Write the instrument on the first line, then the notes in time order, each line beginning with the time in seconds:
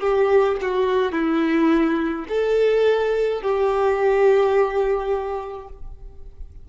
violin
0.00 G4
0.62 F#4
1.12 E4
2.28 A4
3.42 G4